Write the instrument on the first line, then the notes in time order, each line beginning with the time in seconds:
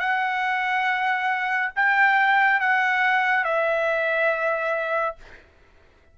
trumpet
0.00 F#5
1.76 G5
2.60 F#5
3.45 E5